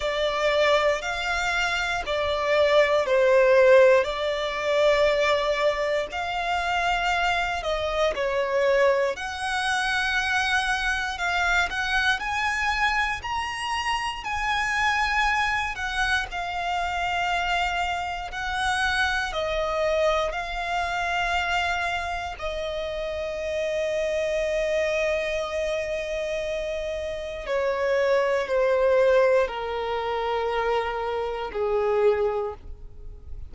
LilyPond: \new Staff \with { instrumentName = "violin" } { \time 4/4 \tempo 4 = 59 d''4 f''4 d''4 c''4 | d''2 f''4. dis''8 | cis''4 fis''2 f''8 fis''8 | gis''4 ais''4 gis''4. fis''8 |
f''2 fis''4 dis''4 | f''2 dis''2~ | dis''2. cis''4 | c''4 ais'2 gis'4 | }